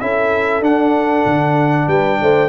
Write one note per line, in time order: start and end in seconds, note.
0.00 0.61 C#4
0.00 0.62 E4
0.00 1.87 A4
0.00 0.62 E5
0.61 1.23 D4
0.61 2.48 D4
0.61 1.88 F#5
1.25 1.87 D3
1.87 2.18 G3
1.87 2.18 B4
1.87 2.48 G5
2.21 2.48 A3
2.21 2.48 C5